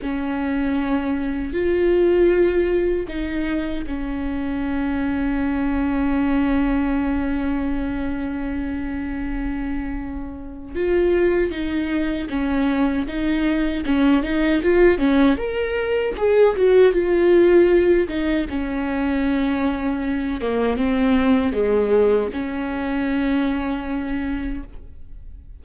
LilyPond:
\new Staff \with { instrumentName = "viola" } { \time 4/4 \tempo 4 = 78 cis'2 f'2 | dis'4 cis'2.~ | cis'1~ | cis'2 f'4 dis'4 |
cis'4 dis'4 cis'8 dis'8 f'8 cis'8 | ais'4 gis'8 fis'8 f'4. dis'8 | cis'2~ cis'8 ais8 c'4 | gis4 cis'2. | }